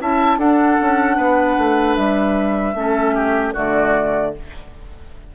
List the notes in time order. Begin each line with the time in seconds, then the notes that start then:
0.00 C#4 E4 E5 A5
0.37 D4 A4 F#5
0.81 C#4
1.17 B3 B4
1.58 A3
1.95 G3 E5
2.75 A3 C#4 A4
3.15 G4
3.54 D3 A3 F#4 D5